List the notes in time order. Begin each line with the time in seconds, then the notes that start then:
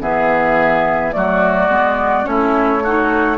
0.00 E3 B3 G#4 E5
1.12 F#3 A3 F#4 D5
1.68 G#3 B3
2.24 A3 C#4 E4 C#5
2.83 D#4 F#4